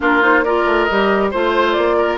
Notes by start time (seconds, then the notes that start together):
0.00 A#3 D4 F4 A#4
0.21 D#4 C5
0.43 F4 A#4 D5
0.65 A3
0.84 G3 G4 D#5
1.30 A3 F4 C5
1.72 A#3 D5
1.97 A#4